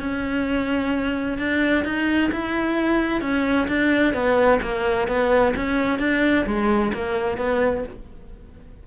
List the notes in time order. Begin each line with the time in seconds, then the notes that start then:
0.00 C#4
1.38 D4
1.85 D#4
2.32 E4
3.22 C#4
3.68 D4
4.14 B3
4.62 A#3
5.08 B3
5.56 C#4
5.99 D4
6.46 G#3
6.93 A#3
7.38 B3